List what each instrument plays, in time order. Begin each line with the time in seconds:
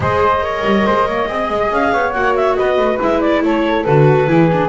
0.00 double bass G#3, viola G#4, flute C5, clarinet D#5
0.40 viola A#4, flute C#5
0.64 double bass G3
0.85 double bass G#3, flute C5
1.06 double bass A#3, flute C#5
1.27 double bass C4, viola G#4, flute D#5
1.49 double bass G#3
1.70 double bass C#4, clarinet F5
1.92 double bass B3, flute C#5
2.12 double bass A#3, viola F#4, clarinet F#5
2.35 clarinet E5
2.55 double bass B3, flute B4, clarinet D#5
2.77 double bass A3
3.00 double bass G#3, viola E4, clarinet E5
3.20 clarinet D5
3.42 double bass A3, flute A4, clarinet C#5
3.84 double bass D3, viola F#4, clarinet B4
4.27 double bass E3, viola E4, flute G#4
4.52 viola D4